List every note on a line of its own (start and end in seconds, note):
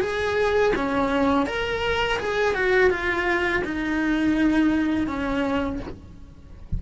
0.00 0.72 G#4
0.75 1.46 C#4
1.46 2.18 A#4
2.18 2.54 G#4
2.54 2.90 F#4
2.90 3.62 F4
3.64 5.07 D#4
5.07 5.79 C#4